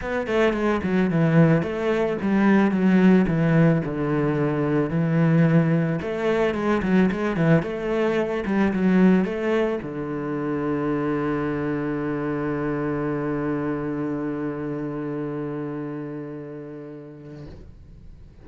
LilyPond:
\new Staff \with { instrumentName = "cello" } { \time 4/4 \tempo 4 = 110 b8 a8 gis8 fis8 e4 a4 | g4 fis4 e4 d4~ | d4 e2 a4 | gis8 fis8 gis8 e8 a4. g8 |
fis4 a4 d2~ | d1~ | d1~ | d1 | }